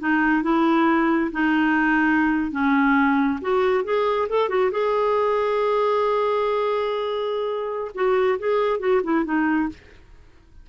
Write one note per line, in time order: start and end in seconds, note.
0.00 0.43 D#4
0.43 1.31 E4
1.32 2.51 D#4
2.51 3.40 C#4
3.42 3.84 F#4
3.84 4.28 G#4
4.29 4.49 A4
4.49 4.71 F#4
4.72 7.92 G#4
7.95 8.39 F#4
8.39 8.79 G#4
8.79 9.01 F#4
9.03 9.25 E4
9.25 9.69 D#4